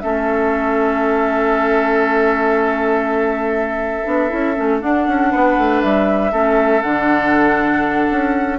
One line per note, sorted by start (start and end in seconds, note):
0.00 4.06 A3
0.00 4.05 C#4
0.00 5.31 A4
0.00 4.79 E5
4.05 4.31 B3
4.05 4.30 D4
4.30 4.58 C#4
4.30 4.55 E4
4.56 4.83 A3
4.56 4.80 C#4
4.80 6.31 D4
4.80 5.07 D4
4.80 5.82 F#5
5.07 5.32 C#4
5.31 5.58 B3
5.31 6.32 B4
5.58 5.83 A3
5.82 6.33 G3
5.82 6.82 E5
6.32 6.83 A3
6.32 6.83 C#4
6.32 8.59 A4
6.82 8.10 D3
6.82 8.59 D4
6.82 8.59 F#5
8.11 8.59 C#4